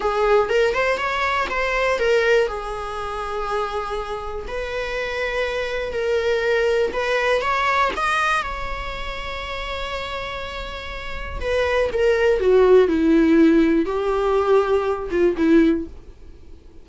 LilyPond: \new Staff \with { instrumentName = "viola" } { \time 4/4 \tempo 4 = 121 gis'4 ais'8 c''8 cis''4 c''4 | ais'4 gis'2.~ | gis'4 b'2. | ais'2 b'4 cis''4 |
dis''4 cis''2.~ | cis''2. b'4 | ais'4 fis'4 e'2 | g'2~ g'8 f'8 e'4 | }